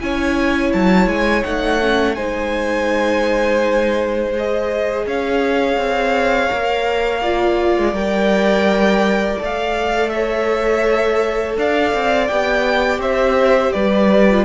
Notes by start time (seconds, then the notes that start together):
0.00 C#4 E4 C#5 G#5
0.73 F#3 A5
1.08 G#3 G#5
1.44 A3 D#4 F#5
1.81 C#4
2.15 G#3 D#4 C5 G#5
4.33 G#4 D#5
5.07 C#4 C#5 F5
5.78 C4
6.50 A#3 A#4
7.22 F4 D5
7.78 G#3
7.92 G3 A#4 G5
9.39 A3 A4
9.45 F5
10.10 C#5 E5
11.57 D4 D5 F5
11.94 C4
12.28 B3 G4 G5
12.99 C4 C5 E5
13.73 G3 B4 D5
14.30 F4